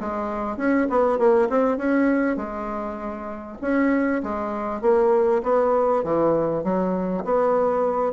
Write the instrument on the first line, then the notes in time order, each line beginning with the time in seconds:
bassoon
0.00 G#3
0.57 C#4
0.90 B3
1.18 A#3
1.49 C4
1.77 C#4
2.36 G#3
3.61 C#4
4.23 G#3
4.81 A#3
5.43 B3
6.04 E3
6.64 F#3
7.24 B3